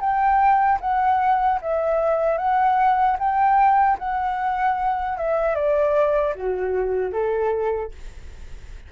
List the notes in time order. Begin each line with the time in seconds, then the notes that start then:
0.00 G5
0.81 F#5
1.61 E5
2.38 F#5
3.19 G5
3.99 F#5
5.17 E5
5.55 D5
6.35 F#4
7.13 A4